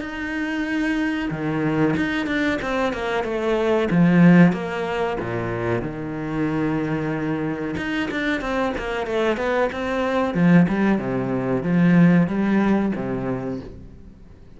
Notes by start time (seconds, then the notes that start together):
0.00 D#4
1.30 D#3
1.96 D#4
2.26 D4
2.61 C4
2.92 A#3
3.23 A3
3.90 F3
4.52 A#3
5.20 A#2
5.82 D#3
7.77 D#4
8.11 D4
8.40 C4
8.77 A#3
9.06 A3
9.36 B3
9.72 C4
10.34 F3
10.68 G3
10.98 C3
11.62 F3
12.27 G3
12.95 C3